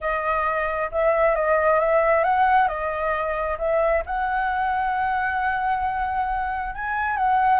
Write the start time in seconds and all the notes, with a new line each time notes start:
0.00 D#5
0.91 E5
1.35 D#5
1.79 E5
2.23 F#5
2.67 D#5
3.58 E5
4.06 F#5
6.74 G#5
7.16 F#5